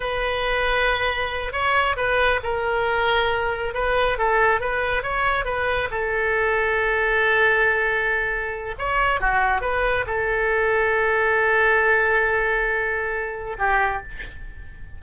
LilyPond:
\new Staff \with { instrumentName = "oboe" } { \time 4/4 \tempo 4 = 137 b'2.~ b'8 cis''8~ | cis''8 b'4 ais'2~ ais'8~ | ais'8 b'4 a'4 b'4 cis''8~ | cis''8 b'4 a'2~ a'8~ |
a'1 | cis''4 fis'4 b'4 a'4~ | a'1~ | a'2. g'4 | }